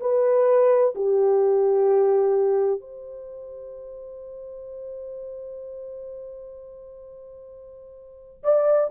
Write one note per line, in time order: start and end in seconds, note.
0.00 0.94 B4
0.95 2.80 G4
2.80 8.43 C5
8.43 8.90 D5